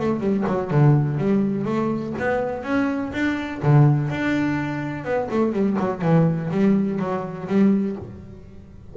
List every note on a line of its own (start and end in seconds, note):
0.00 0.20 A3
0.20 0.44 G3
0.47 0.71 F#3
0.71 1.18 D3
1.18 1.65 G3
1.65 2.13 A3
2.19 2.63 B3
2.63 3.12 C#4
3.13 3.61 D4
3.63 4.10 D3
4.10 5.05 D4
5.05 5.29 B3
5.30 5.53 A3
5.53 5.77 G3
5.79 6.02 F#3
6.02 6.50 E3
6.51 6.99 G3
6.99 7.48 F#3
7.48 7.96 G3